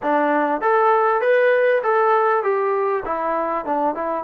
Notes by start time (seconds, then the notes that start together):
0.02 D4
0.61 A4
1.21 B4
1.83 A4
2.43 G4
3.05 E4
3.65 D4
3.94 E4